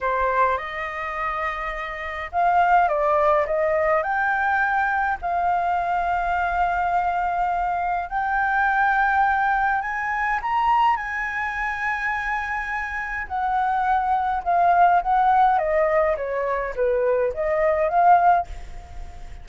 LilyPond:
\new Staff \with { instrumentName = "flute" } { \time 4/4 \tempo 4 = 104 c''4 dis''2. | f''4 d''4 dis''4 g''4~ | g''4 f''2.~ | f''2 g''2~ |
g''4 gis''4 ais''4 gis''4~ | gis''2. fis''4~ | fis''4 f''4 fis''4 dis''4 | cis''4 b'4 dis''4 f''4 | }